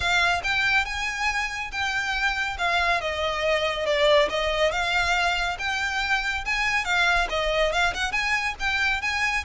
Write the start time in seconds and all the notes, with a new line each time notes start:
0.00 F5
0.43 G5
0.85 G#5
1.71 G5
2.57 F5
3.01 D#5
3.86 D5
4.29 D#5
4.71 F5
5.59 G5
6.45 G#5
6.85 F5
7.29 D#5
7.72 F5
7.94 F#5
8.12 G#5
8.59 G5
9.01 G#5